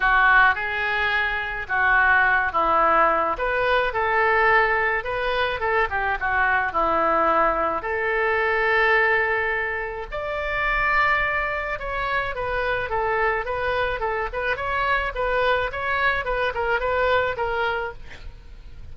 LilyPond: \new Staff \with { instrumentName = "oboe" } { \time 4/4 \tempo 4 = 107 fis'4 gis'2 fis'4~ | fis'8 e'4. b'4 a'4~ | a'4 b'4 a'8 g'8 fis'4 | e'2 a'2~ |
a'2 d''2~ | d''4 cis''4 b'4 a'4 | b'4 a'8 b'8 cis''4 b'4 | cis''4 b'8 ais'8 b'4 ais'4 | }